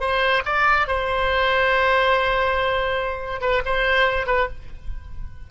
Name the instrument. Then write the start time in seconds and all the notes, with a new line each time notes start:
oboe
0.00 C5
0.45 D5
0.87 C5
3.41 B4
3.65 C5
4.26 B4